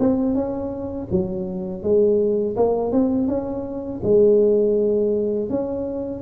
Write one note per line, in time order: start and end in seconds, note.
0.00 0.35 C4
0.35 1.08 C#4
1.11 1.83 F#3
1.83 2.56 G#3
2.57 2.92 A#3
2.92 3.28 C4
3.28 4.01 C#4
4.03 5.50 G#3
5.50 6.22 C#4